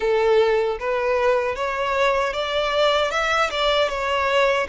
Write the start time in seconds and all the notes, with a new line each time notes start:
0.00 A4
0.79 B4
1.55 C#5
2.33 D5
3.11 E5
3.50 D5
3.89 C#5